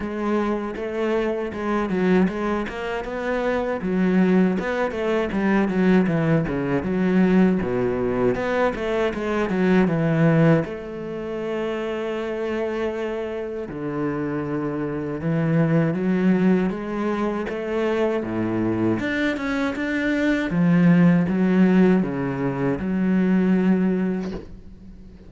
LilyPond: \new Staff \with { instrumentName = "cello" } { \time 4/4 \tempo 4 = 79 gis4 a4 gis8 fis8 gis8 ais8 | b4 fis4 b8 a8 g8 fis8 | e8 cis8 fis4 b,4 b8 a8 | gis8 fis8 e4 a2~ |
a2 d2 | e4 fis4 gis4 a4 | a,4 d'8 cis'8 d'4 f4 | fis4 cis4 fis2 | }